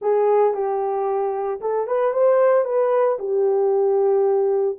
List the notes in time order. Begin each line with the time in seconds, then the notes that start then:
0.01 G#4
0.54 G4
1.60 A4
1.87 B4
2.13 C5
2.65 B4
3.18 G4